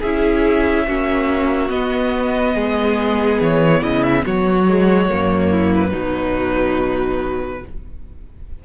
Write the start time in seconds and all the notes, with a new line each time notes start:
0.00 C#4 E4 G#4 E5
0.87 A#3 C#4 F#4
1.68 B3 D#5
2.54 G#3 G#4
3.40 E3 C#5
3.82 C#3 E4 D#5
4.03 E5
4.25 F#3 F#4 C#5
4.68 G#3
5.09 F#2 A#3
5.50 E4
5.75 B4
5.90 B2 F#3 D#4